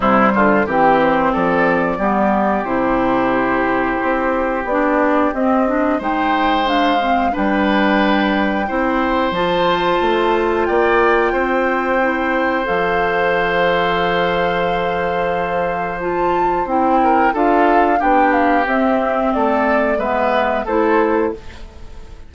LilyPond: <<
  \new Staff \with { instrumentName = "flute" } { \time 4/4 \tempo 4 = 90 c''4 g'8 c''8 d''2 | c''2. d''4 | dis''4 g''4 f''4 g''4~ | g''2 a''2 |
g''2. f''4~ | f''1 | a''4 g''4 f''4 g''8 f''8 | e''4 d''4 e''4 c''4 | }
  \new Staff \with { instrumentName = "oboe" } { \time 4/4 e'8 f'8 g'4 a'4 g'4~ | g'1~ | g'4 c''2 b'4~ | b'4 c''2. |
d''4 c''2.~ | c''1~ | c''4. ais'8 a'4 g'4~ | g'4 a'4 b'4 a'4 | }
  \new Staff \with { instrumentName = "clarinet" } { \time 4/4 g4 c'2 b4 | e'2. d'4 | c'8 d'8 dis'4 d'8 c'8 d'4~ | d'4 e'4 f'2~ |
f'2 e'4 a'4~ | a'1 | f'4 e'4 f'4 d'4 | c'2 b4 e'4 | }
  \new Staff \with { instrumentName = "bassoon" } { \time 4/4 c8 d8 e4 f4 g4 | c2 c'4 b4 | c'4 gis2 g4~ | g4 c'4 f4 a4 |
ais4 c'2 f4~ | f1~ | f4 c'4 d'4 b4 | c'4 a4 gis4 a4 | }
>>